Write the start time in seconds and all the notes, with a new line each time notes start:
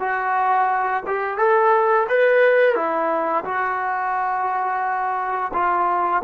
0.00 F#4
1.07 G4
1.38 A4
2.09 B4
2.76 E4
3.45 F#4
5.54 F4